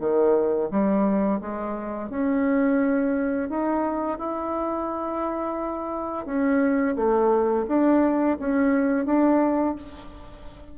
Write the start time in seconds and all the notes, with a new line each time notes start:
0.00 D#3
0.71 G3
1.41 G#3
2.10 C#4
3.49 D#4
4.19 E4
6.26 C#4
6.96 A3
7.68 D4
8.39 C#4
9.06 D4